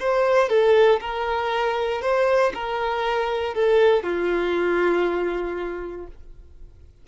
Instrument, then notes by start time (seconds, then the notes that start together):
violin
0.00 C5
0.49 A4
1.01 A#4
2.02 C5
2.54 A#4
3.55 A4
4.04 F4